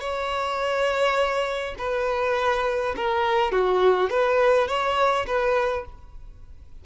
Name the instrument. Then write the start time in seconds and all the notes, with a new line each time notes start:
violin
0.00 C#5
1.78 B4
2.96 A#4
3.52 F#4
4.10 B4
4.68 C#5
5.27 B4